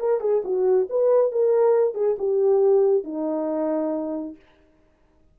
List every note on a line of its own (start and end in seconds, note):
0.00 0.21 A#4
0.21 0.43 G#4
0.45 0.88 F#4
0.90 1.32 B4
1.32 1.95 A#4
1.95 2.17 G#4
2.19 3.05 G4
3.05 4.36 D#4